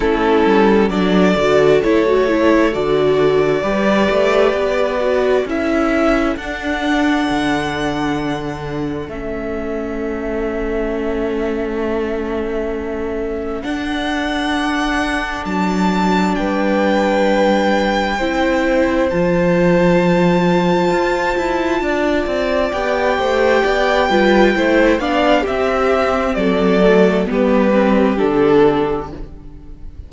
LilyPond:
<<
  \new Staff \with { instrumentName = "violin" } { \time 4/4 \tempo 4 = 66 a'4 d''4 cis''4 d''4~ | d''2 e''4 fis''4~ | fis''2 e''2~ | e''2. fis''4~ |
fis''4 a''4 g''2~ | g''4 a''2.~ | a''4 g''2~ g''8 f''8 | e''4 d''4 b'4 a'4 | }
  \new Staff \with { instrumentName = "violin" } { \time 4/4 e'4 a'2. | b'2 a'2~ | a'1~ | a'1~ |
a'2 b'2 | c''1 | d''4. c''8 d''8 b'8 c''8 d''8 | g'4 a'4 g'2 | }
  \new Staff \with { instrumentName = "viola" } { \time 4/4 cis'4 d'8 fis'8 e'16 fis'16 e'8 fis'4 | g'4. fis'8 e'4 d'4~ | d'2 cis'2~ | cis'2. d'4~ |
d'1 | e'4 f'2.~ | f'4 g'4. f'8 e'8 d'8 | c'4. a8 b8 c'8 d'4 | }
  \new Staff \with { instrumentName = "cello" } { \time 4/4 a8 g8 fis8 d8 a4 d4 | g8 a8 b4 cis'4 d'4 | d2 a2~ | a2. d'4~ |
d'4 fis4 g2 | c'4 f2 f'8 e'8 | d'8 c'8 b8 a8 b8 g8 a8 b8 | c'4 fis4 g4 d4 | }
>>